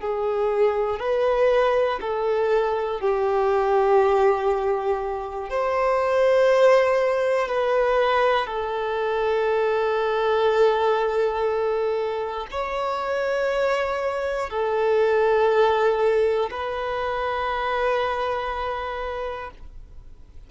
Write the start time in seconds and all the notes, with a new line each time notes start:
0.00 G#4
0.99 B4
2.01 A4
3.00 G4
5.50 C5
7.48 B4
8.46 A4
12.51 C#5
14.49 A4
16.50 B4